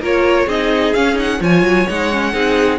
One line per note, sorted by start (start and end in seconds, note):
0.00 0.47 A#3
0.00 0.48 F4
0.00 0.47 A#4
0.00 0.49 C#5
0.47 0.93 C4
0.47 0.95 D#4
0.47 1.40 G#4
0.47 0.94 D#5
0.94 1.14 C#4
0.94 1.41 C#4
0.94 1.17 F5
1.14 1.37 D#4
1.14 1.43 F#5
1.41 1.62 F3
1.41 1.87 F4
1.41 2.33 C#5
1.41 1.89 G#5
1.62 1.86 F#3
1.89 2.33 G#3
1.89 2.12 D#4
1.89 2.79 F#5
2.12 2.33 C#4
2.33 2.79 C4
2.33 2.79 D#4
2.33 2.79 G#4